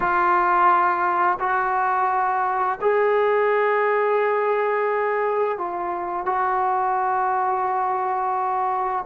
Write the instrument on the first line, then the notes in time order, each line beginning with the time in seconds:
trombone
0.00 F4
1.39 F#4
2.81 G#4
5.58 F4
6.25 F#4